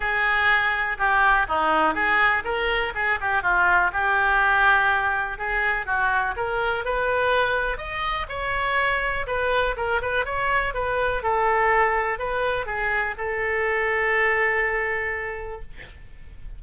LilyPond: \new Staff \with { instrumentName = "oboe" } { \time 4/4 \tempo 4 = 123 gis'2 g'4 dis'4 | gis'4 ais'4 gis'8 g'8 f'4 | g'2. gis'4 | fis'4 ais'4 b'2 |
dis''4 cis''2 b'4 | ais'8 b'8 cis''4 b'4 a'4~ | a'4 b'4 gis'4 a'4~ | a'1 | }